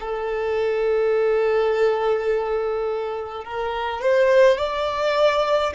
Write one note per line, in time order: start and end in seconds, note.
0.00 3.44 A4
3.44 4.01 A#4
4.01 4.57 C5
4.57 5.73 D5